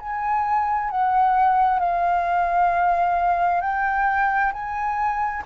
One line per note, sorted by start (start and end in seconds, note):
0.00 0.90 G#5
0.90 1.79 F#5
1.79 3.61 F5
3.61 4.52 G5
4.53 5.44 G#5